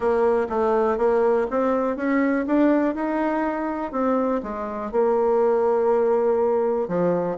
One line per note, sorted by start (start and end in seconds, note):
0.00 0.47 A#3
0.49 0.97 A3
0.97 1.46 A#3
1.50 1.96 C4
1.96 2.45 C#4
2.46 2.94 D4
2.94 3.92 D#4
3.92 4.41 C4
4.42 4.91 G#3
4.91 6.87 A#3
6.87 7.37 F3